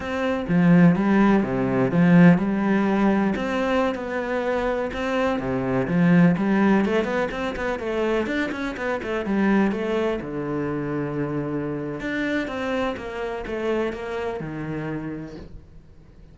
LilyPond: \new Staff \with { instrumentName = "cello" } { \time 4/4 \tempo 4 = 125 c'4 f4 g4 c4 | f4 g2 c'4~ | c'16 b2 c'4 c8.~ | c16 f4 g4 a8 b8 c'8 b16~ |
b16 a4 d'8 cis'8 b8 a8 g8.~ | g16 a4 d2~ d8.~ | d4 d'4 c'4 ais4 | a4 ais4 dis2 | }